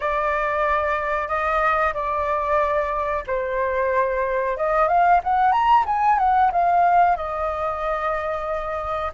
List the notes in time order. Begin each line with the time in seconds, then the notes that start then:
0.00 D5
1.28 D#5
1.93 D5
3.26 C5
4.57 D#5
4.88 F5
5.23 F#5
5.51 A#5
5.85 G#5
6.18 F#5
6.52 F5
7.16 D#5